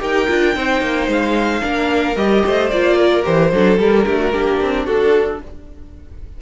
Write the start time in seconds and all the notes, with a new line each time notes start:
0.00 D#4 G4 A#4 G5
0.28 D4 F4
0.55 C4 D#4 C5
0.82 A#3
1.08 G#3 F5
1.62 A#3 D4 A#4
2.16 G3 G4 D#5
2.46 A3 C5
2.71 A#3 F4 D5
2.98 A#4
3.23 E3 G4 C5
3.52 F#3 D4 A4
3.79 G3 A#4
4.06 D3 A3 G4
4.19 F#4
4.33 A#3 D4 G4
4.62 C4
4.85 D4 F#4 A4